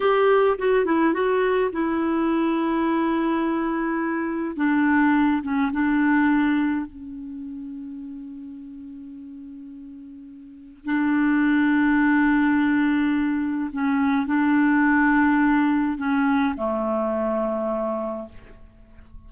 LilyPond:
\new Staff \with { instrumentName = "clarinet" } { \time 4/4 \tempo 4 = 105 g'4 fis'8 e'8 fis'4 e'4~ | e'1 | d'4. cis'8 d'2 | cis'1~ |
cis'2. d'4~ | d'1 | cis'4 d'2. | cis'4 a2. | }